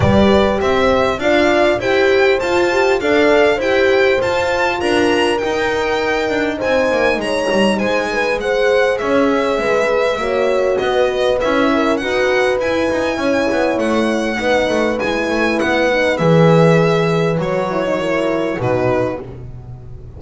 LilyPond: <<
  \new Staff \with { instrumentName = "violin" } { \time 4/4 \tempo 4 = 100 d''4 e''4 f''4 g''4 | a''4 f''4 g''4 a''4 | ais''4 g''2 gis''4 | ais''4 gis''4 fis''4 e''4~ |
e''2 dis''4 e''4 | fis''4 gis''2 fis''4~ | fis''4 gis''4 fis''4 e''4~ | e''4 cis''2 b'4 | }
  \new Staff \with { instrumentName = "horn" } { \time 4/4 b'4 c''4 d''4 c''4~ | c''4 d''4 c''2 | ais'2. c''4 | cis''4 c''8 b'8 c''4 cis''4 |
b'4 cis''4 b'4. ais'8 | b'2 cis''2 | b'1~ | b'2 ais'4 fis'4 | }
  \new Staff \with { instrumentName = "horn" } { \time 4/4 g'2 f'4 g'4 | f'8 g'8 a'4 g'4 f'4~ | f'4 dis'2.~ | dis'2 gis'2~ |
gis'4 fis'2 e'4 | fis'4 e'2. | dis'4 e'4. dis'8 gis'4~ | gis'4 fis'8 e'16 dis'16 e'4 dis'4 | }
  \new Staff \with { instrumentName = "double bass" } { \time 4/4 g4 c'4 d'4 e'4 | f'4 d'4 e'4 f'4 | d'4 dis'4. d'8 c'8 ais8 | gis8 g8 gis2 cis'4 |
gis4 ais4 b4 cis'4 | dis'4 e'8 dis'8 cis'8 b8 a4 | b8 a8 gis8 a8 b4 e4~ | e4 fis2 b,4 | }
>>